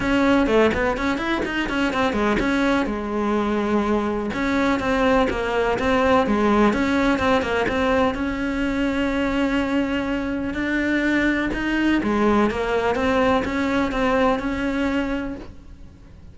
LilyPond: \new Staff \with { instrumentName = "cello" } { \time 4/4 \tempo 4 = 125 cis'4 a8 b8 cis'8 e'8 dis'8 cis'8 | c'8 gis8 cis'4 gis2~ | gis4 cis'4 c'4 ais4 | c'4 gis4 cis'4 c'8 ais8 |
c'4 cis'2.~ | cis'2 d'2 | dis'4 gis4 ais4 c'4 | cis'4 c'4 cis'2 | }